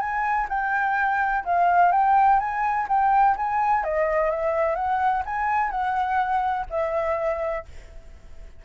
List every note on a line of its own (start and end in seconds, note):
0.00 0.48 G#5
0.49 1.44 G5
1.45 1.92 F5
1.92 2.40 G5
2.40 2.87 G#5
2.88 3.36 G5
3.37 3.84 G#5
3.84 4.31 D#5
4.31 4.75 E5
4.75 5.23 F#5
5.25 5.71 G#5
5.71 6.66 F#5
6.70 7.65 E5